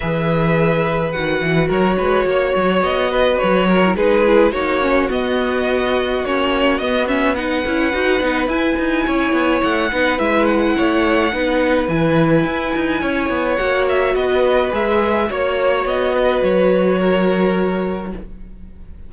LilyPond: <<
  \new Staff \with { instrumentName = "violin" } { \time 4/4 \tempo 4 = 106 e''2 fis''4 cis''4~ | cis''4 dis''4 cis''4 b'4 | cis''4 dis''2 cis''4 | dis''8 e''8 fis''2 gis''4~ |
gis''4 fis''4 e''8 fis''4.~ | fis''4 gis''2. | fis''8 e''8 dis''4 e''4 cis''4 | dis''4 cis''2. | }
  \new Staff \with { instrumentName = "violin" } { \time 4/4 b'2. ais'8 b'8 | cis''4. b'4 ais'8 gis'4 | fis'1~ | fis'4 b'2. |
cis''4. b'4. cis''4 | b'2. cis''4~ | cis''4 b'2 cis''4~ | cis''8 b'4. ais'2 | }
  \new Staff \with { instrumentName = "viola" } { \time 4/4 gis'2 fis'2~ | fis'2~ fis'8. e'16 dis'8 e'8 | dis'8 cis'8 b2 cis'4 | b8 cis'8 dis'8 e'8 fis'8 dis'8 e'4~ |
e'4. dis'8 e'2 | dis'4 e'2. | fis'2 gis'4 fis'4~ | fis'1 | }
  \new Staff \with { instrumentName = "cello" } { \time 4/4 e2 dis8 e8 fis8 gis8 | ais8 fis8 b4 fis4 gis4 | ais4 b2 ais4 | b4. cis'8 dis'8 b8 e'8 dis'8 |
cis'8 b8 a8 b8 gis4 a4 | b4 e4 e'8 dis'8 cis'8 b8 | ais4 b4 gis4 ais4 | b4 fis2. | }
>>